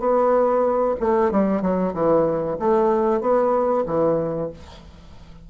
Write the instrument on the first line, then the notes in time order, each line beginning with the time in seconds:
bassoon
0.00 B3
1.01 A3
1.32 G3
1.62 F#3
1.94 E3
2.60 A3
3.21 B3
3.86 E3